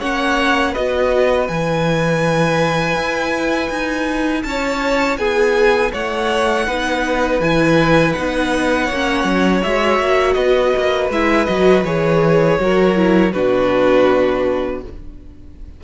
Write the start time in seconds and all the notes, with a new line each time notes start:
0.00 A#3 C#4 C#5 F#5
0.72 B3 F#4 B4 D#5
1.48 E3 E4 G#5
2.96 E4
3.70 D#4
4.43 C#4 C#5 A5
5.18 B3 G#4 G#5
5.93 A3 C#5 F#5
6.67 B3 D#4 B4
7.40 E3 E4 G#5
8.13 B3 D#4 F#5
8.86 A#3 C#5
8.94 C#4
9.25 F#3
9.64 G#3 F#4 E5
10.00 A#3
10.34 B3 B4 D#5
10.77 A#3
11.10 G#3 E4 E5
11.46 F#3 F#4 D#5
11.84 E3 G#4 C#5
12.60 F#3 F#4 A#4
12.96 E4
13.33 B2 D4 F#4 B4